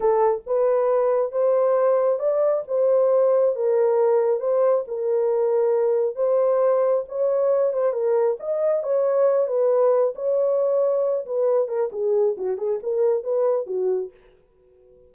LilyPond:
\new Staff \with { instrumentName = "horn" } { \time 4/4 \tempo 4 = 136 a'4 b'2 c''4~ | c''4 d''4 c''2 | ais'2 c''4 ais'4~ | ais'2 c''2 |
cis''4. c''8 ais'4 dis''4 | cis''4. b'4. cis''4~ | cis''4. b'4 ais'8 gis'4 | fis'8 gis'8 ais'4 b'4 fis'4 | }